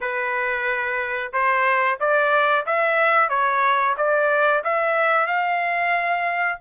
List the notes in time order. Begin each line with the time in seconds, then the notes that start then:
0.00 B4
1.32 C5
1.99 D5
2.66 E5
3.29 C#5
3.97 D5
4.64 E5
5.26 F5